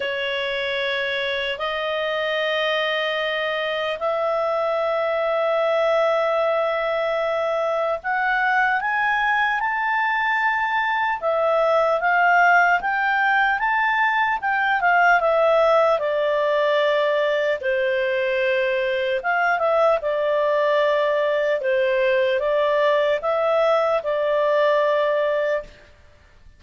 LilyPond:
\new Staff \with { instrumentName = "clarinet" } { \time 4/4 \tempo 4 = 75 cis''2 dis''2~ | dis''4 e''2.~ | e''2 fis''4 gis''4 | a''2 e''4 f''4 |
g''4 a''4 g''8 f''8 e''4 | d''2 c''2 | f''8 e''8 d''2 c''4 | d''4 e''4 d''2 | }